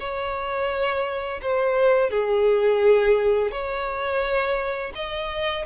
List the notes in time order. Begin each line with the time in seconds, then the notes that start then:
0.00 C#5
1.42 C5
2.10 G#4
3.52 C#5
4.95 D#5